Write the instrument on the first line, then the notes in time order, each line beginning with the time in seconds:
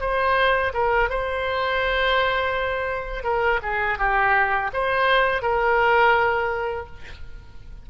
oboe
0.00 C5
0.73 A#4
1.09 C5
3.24 A#4
3.62 G#4
3.98 G4
4.73 C5
5.42 A#4